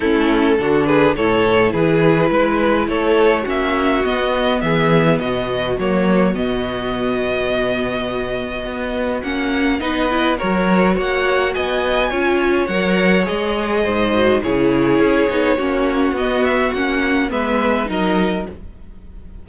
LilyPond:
<<
  \new Staff \with { instrumentName = "violin" } { \time 4/4 \tempo 4 = 104 a'4. b'8 cis''4 b'4~ | b'4 cis''4 e''4 dis''4 | e''4 dis''4 cis''4 dis''4~ | dis''1 |
fis''4 dis''4 cis''4 fis''4 | gis''2 fis''4 dis''4~ | dis''4 cis''2. | dis''8 e''8 fis''4 e''4 dis''4 | }
  \new Staff \with { instrumentName = "violin" } { \time 4/4 e'4 fis'8 gis'8 a'4 gis'4 | b'4 a'4 fis'2 | gis'4 fis'2.~ | fis'1~ |
fis'4 b'4 ais'4 cis''4 | dis''4 cis''2. | c''4 gis'2 fis'4~ | fis'2 b'4 ais'4 | }
  \new Staff \with { instrumentName = "viola" } { \time 4/4 cis'4 d'4 e'2~ | e'2 cis'4 b4~ | b2 ais4 b4~ | b1 |
cis'4 dis'8 e'8 fis'2~ | fis'4 f'4 ais'4 gis'4~ | gis'8 fis'8 e'4. dis'8 cis'4 | b4 cis'4 b4 dis'4 | }
  \new Staff \with { instrumentName = "cello" } { \time 4/4 a4 d4 a,4 e4 | gis4 a4 ais4 b4 | e4 b,4 fis4 b,4~ | b,2. b4 |
ais4 b4 fis4 ais4 | b4 cis'4 fis4 gis4 | gis,4 cis4 cis'8 b8 ais4 | b4 ais4 gis4 fis4 | }
>>